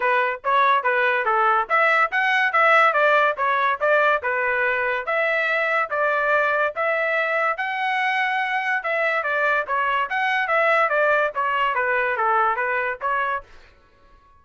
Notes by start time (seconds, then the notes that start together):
0.00 B4
0.44 C#5
0.83 B4
1.25 A4
1.69 E5
2.11 F#5
2.52 E5
2.93 D5
3.37 C#5
3.80 D5
4.22 B4
5.05 E5
5.90 D5
6.75 E5
7.57 F#5
8.83 E5
9.23 D5
9.67 C#5
10.09 F#5
10.47 E5
10.89 D5
11.34 C#5
11.74 B4
12.16 A4
12.56 B4
13.01 C#5